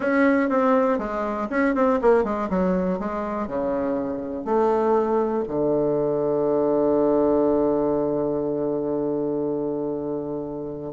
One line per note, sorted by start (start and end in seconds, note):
0.00 0.49 C#4
0.49 0.98 C4
0.98 1.47 G#3
1.50 1.74 C#4
1.74 1.99 C4
2.01 2.24 A#3
2.24 2.48 G#3
2.49 2.99 F#3
2.99 3.47 G#3
3.47 4.44 C#3
4.44 5.43 A3
5.48 10.93 D3